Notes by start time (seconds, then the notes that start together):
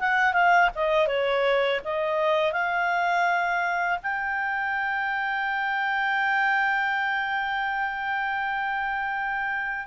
0.00 F#5
0.33 F5
0.75 D#5
1.07 C#5
1.85 D#5
2.53 F5
4.03 G5